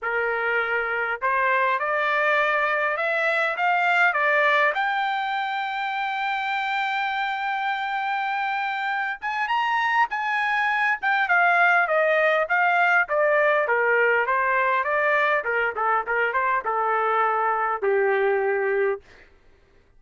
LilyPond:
\new Staff \with { instrumentName = "trumpet" } { \time 4/4 \tempo 4 = 101 ais'2 c''4 d''4~ | d''4 e''4 f''4 d''4 | g''1~ | g''2.~ g''8 gis''8 |
ais''4 gis''4. g''8 f''4 | dis''4 f''4 d''4 ais'4 | c''4 d''4 ais'8 a'8 ais'8 c''8 | a'2 g'2 | }